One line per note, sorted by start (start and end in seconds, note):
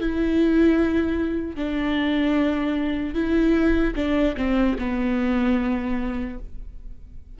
0.00 1.56 E4
1.56 3.15 D4
3.15 3.95 E4
3.96 4.36 D4
4.37 4.77 C4
4.79 6.39 B3